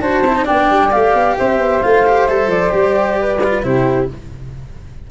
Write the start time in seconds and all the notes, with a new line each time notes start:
0.00 D4 F#4 C5 A5
0.22 C4 E4
0.35 D#4
0.44 D4 D5 G5
0.50 B3
0.70 G3
0.91 A3 G4 F5
1.14 B3
1.38 C4 C5 E5
1.58 B3
1.82 A3 F4 F5
2.06 G4
2.27 G3 A4 E5
2.47 F3 D5
2.70 G3 G4
3.20 B4
3.44 F4
3.63 C3 E4 G4 C5